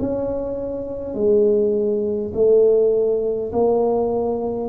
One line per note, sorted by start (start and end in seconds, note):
0.00 1.14 C#4
1.14 2.32 G#3
2.34 3.52 A3
3.52 4.70 A#3